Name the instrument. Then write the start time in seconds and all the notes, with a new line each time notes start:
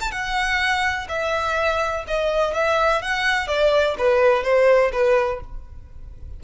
violin
0.00 A5
0.11 F#5
1.08 E5
2.07 D#5
2.54 E5
3.02 F#5
3.47 D5
3.98 B4
4.43 C5
4.92 B4